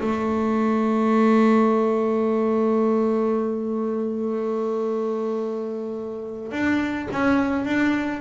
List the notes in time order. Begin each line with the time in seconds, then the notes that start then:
0.00 A3
6.51 D4
7.11 C#4
7.65 D4